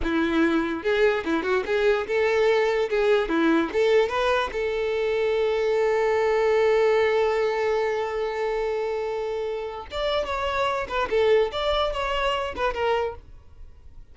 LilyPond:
\new Staff \with { instrumentName = "violin" } { \time 4/4 \tempo 4 = 146 e'2 gis'4 e'8 fis'8 | gis'4 a'2 gis'4 | e'4 a'4 b'4 a'4~ | a'1~ |
a'1~ | a'1 | d''4 cis''4. b'8 a'4 | d''4 cis''4. b'8 ais'4 | }